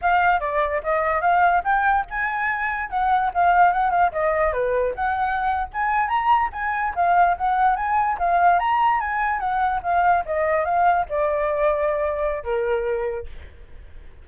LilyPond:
\new Staff \with { instrumentName = "flute" } { \time 4/4 \tempo 4 = 145 f''4 d''4 dis''4 f''4 | g''4 gis''2 fis''4 | f''4 fis''8 f''8 dis''4 b'4 | fis''4.~ fis''16 gis''4 ais''4 gis''16~ |
gis''8. f''4 fis''4 gis''4 f''16~ | f''8. ais''4 gis''4 fis''4 f''16~ | f''8. dis''4 f''4 d''4~ d''16~ | d''2 ais'2 | }